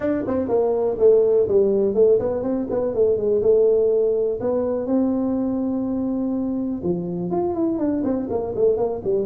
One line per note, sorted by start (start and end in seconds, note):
0.00 0.24 D4
0.27 0.48 C4
0.48 0.97 A#3
0.98 1.47 A3
1.48 1.94 G3
1.94 2.18 A3
2.19 2.43 B3
2.43 2.67 C4
2.70 2.94 B3
2.94 3.17 A3
3.17 3.41 G#3
3.41 4.39 A3
4.40 4.86 B3
4.86 6.81 C4
6.83 7.31 F3
7.31 7.54 F4
7.54 7.78 E4
7.78 8.02 D4
8.04 8.28 C4
8.29 8.54 A#3
8.55 8.77 A3
8.77 9.01 A#3
9.04 9.26 G3